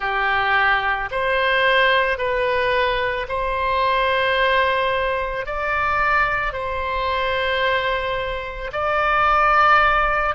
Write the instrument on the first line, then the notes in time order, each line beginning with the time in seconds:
oboe
0.00 G4
1.11 C5
2.18 B4
3.28 C5
5.45 D5
6.53 C5
8.72 D5